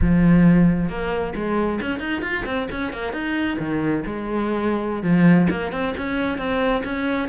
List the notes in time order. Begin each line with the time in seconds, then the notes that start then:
0.01 F3
0.89 A#3
1.35 G#3
1.81 C#4
1.99 D#4
2.22 F4
2.45 C4
2.71 C#4
2.92 A#3
3.12 D#4
3.59 D#3
4.06 G#3
5.03 F3
5.50 A#3
5.72 C4
5.97 C#4
6.37 C4
6.84 C#4